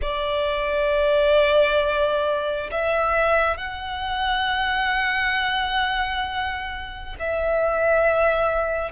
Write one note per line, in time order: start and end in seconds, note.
0.01 2.70 D5
2.71 3.57 E5
3.57 7.15 F#5
7.19 8.91 E5